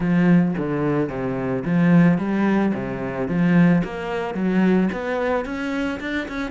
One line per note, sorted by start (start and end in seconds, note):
0.00 0.54 F3
0.57 1.09 D3
1.09 1.63 C3
1.65 2.18 F3
2.18 2.72 G3
2.74 3.28 C3
3.28 3.82 F3
3.84 4.34 A#3
4.34 4.89 F#3
4.92 5.45 B3
5.45 5.99 C#4
6.00 6.27 D4
6.28 6.51 C#4